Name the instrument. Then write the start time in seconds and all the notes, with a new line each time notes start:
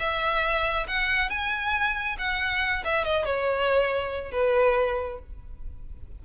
violin
0.00 E5
0.88 F#5
1.30 G#5
2.19 F#5
2.85 E5
3.05 D#5
3.26 C#5
4.32 B4